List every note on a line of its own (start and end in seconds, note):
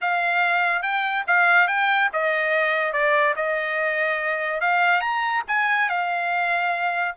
0.01 0.82 F5
0.82 1.24 G5
1.27 1.67 F5
1.67 2.09 G5
2.12 2.92 D#5
2.92 3.34 D5
3.36 4.60 D#5
4.60 5.00 F5
5.00 5.42 A#5
5.47 5.89 G#5
5.89 7.15 F5